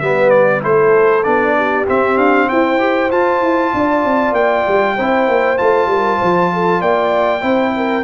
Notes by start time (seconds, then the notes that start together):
0.00 G3 B3 B4 E5
0.30 D5
0.61 A3 E4 A4 C5
1.24 B3 D4 D5
1.57 G4
1.87 C4 E5
2.17 D4 F5
2.48 E4 C5 G5
2.79 G4
3.11 F4 A5
3.41 E4
3.74 D4 D5
4.05 C4
4.33 A#3 G5
4.68 G3
4.97 C4 E4 C5
5.28 A#3
5.58 A3 F4 A5
5.87 G3 A#4
6.19 F3 C5
6.53 A4
6.81 A#3 D5 G5
7.41 C4 E4 C5
7.77 A#4